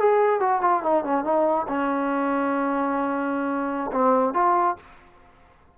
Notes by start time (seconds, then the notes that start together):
0.00 G#4
0.41 F#4
0.62 F4
0.83 D#4
1.05 C#4
1.25 D#4
1.68 C#4
3.92 C4
4.34 F4